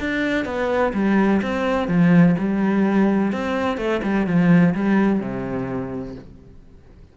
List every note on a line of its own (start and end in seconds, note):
0.00 0.45 D4
0.45 0.93 B3
0.94 1.41 G3
1.42 1.88 C4
1.88 2.35 F3
2.39 3.32 G3
3.32 3.77 C4
3.77 4.01 A3
4.03 4.27 G3
4.27 4.74 F3
4.75 5.20 G3
5.20 6.15 C3